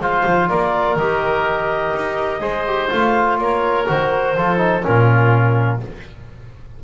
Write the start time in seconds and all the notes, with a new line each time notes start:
0.00 G#3 F4 C5 F5
0.26 F3
0.49 A#3 A#4 D5
0.96 D#3 G4 D#5
1.96 D#4
2.40 G#3 G#4 C5
2.68 G4
2.89 A3 F4 F5
3.39 A#3 A#4 C#5
3.88 D#3 F#4 C5
4.37 F3 F4 A4
4.57 D#4
4.83 A#2 C#4 F4 A#4